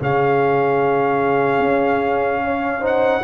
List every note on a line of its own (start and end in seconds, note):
0.00 1.59 C#3
0.00 2.81 C#4
0.00 2.43 G#4
0.00 2.87 F5
1.59 3.22 C#4
2.43 2.81 C#5
2.81 3.22 D#4
2.81 3.21 C5
2.81 3.24 F#5